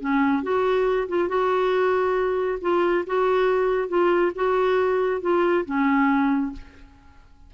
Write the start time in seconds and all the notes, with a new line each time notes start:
0.00 C#4
0.43 F#4
1.09 F4
1.29 F#4
2.62 F4
3.07 F#4
3.89 F4
4.35 F#4
5.22 F4
5.66 C#4